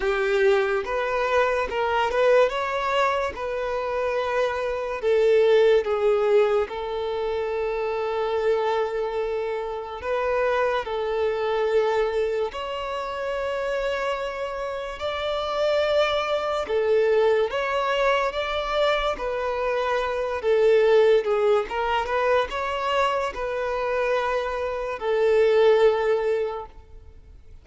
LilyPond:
\new Staff \with { instrumentName = "violin" } { \time 4/4 \tempo 4 = 72 g'4 b'4 ais'8 b'8 cis''4 | b'2 a'4 gis'4 | a'1 | b'4 a'2 cis''4~ |
cis''2 d''2 | a'4 cis''4 d''4 b'4~ | b'8 a'4 gis'8 ais'8 b'8 cis''4 | b'2 a'2 | }